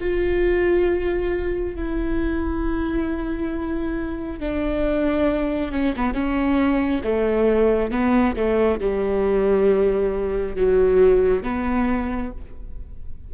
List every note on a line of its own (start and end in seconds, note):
0.00 1.75 F4
1.75 4.40 E4
4.40 5.72 D4
5.72 5.94 C#4
5.96 6.14 B3
6.14 7.02 C#4
7.04 7.91 A3
7.91 8.35 B3
8.36 8.80 A3
8.80 10.56 G3
10.56 11.43 F#3
11.43 12.31 B3